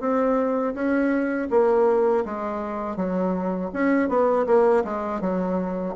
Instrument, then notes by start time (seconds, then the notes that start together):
bassoon
0.00 C4
0.74 C#4
1.51 A#3
2.25 G#3
2.96 F#3
3.73 C#4
4.09 B3
4.46 A#3
4.84 G#3
5.21 F#3